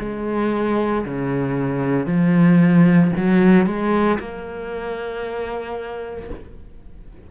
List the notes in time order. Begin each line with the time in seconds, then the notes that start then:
0.00 G#3
1.06 C#3
2.07 F3
3.17 F#3
3.67 G#3
4.20 A#3